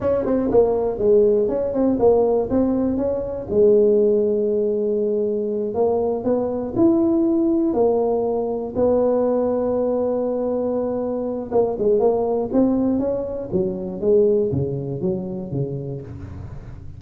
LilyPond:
\new Staff \with { instrumentName = "tuba" } { \time 4/4 \tempo 4 = 120 cis'8 c'8 ais4 gis4 cis'8 c'8 | ais4 c'4 cis'4 gis4~ | gis2.~ gis8 ais8~ | ais8 b4 e'2 ais8~ |
ais4. b2~ b8~ | b2. ais8 gis8 | ais4 c'4 cis'4 fis4 | gis4 cis4 fis4 cis4 | }